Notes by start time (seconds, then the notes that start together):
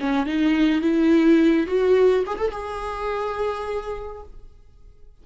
0.00 C#4
0.26 D#4
0.81 E4
1.67 F#4
2.26 G#4
2.38 A4
2.51 G#4